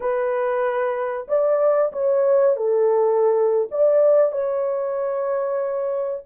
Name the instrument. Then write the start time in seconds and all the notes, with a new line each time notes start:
horn
0.00 B4
1.28 D5
1.92 C#5
2.56 A4
3.71 D5
4.32 C#5